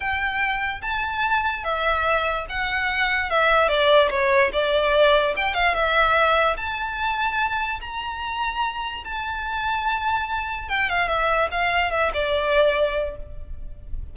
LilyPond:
\new Staff \with { instrumentName = "violin" } { \time 4/4 \tempo 4 = 146 g''2 a''2 | e''2 fis''2 | e''4 d''4 cis''4 d''4~ | d''4 g''8 f''8 e''2 |
a''2. ais''4~ | ais''2 a''2~ | a''2 g''8 f''8 e''4 | f''4 e''8 d''2~ d''8 | }